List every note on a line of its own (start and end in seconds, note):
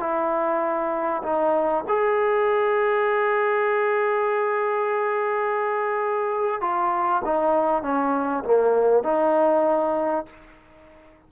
0.00 1.22 E4
1.23 1.84 D#4
1.88 6.61 G#4
6.61 7.22 F4
7.25 7.83 D#4
7.83 8.44 C#4
8.44 9.03 A#3
9.03 10.26 D#4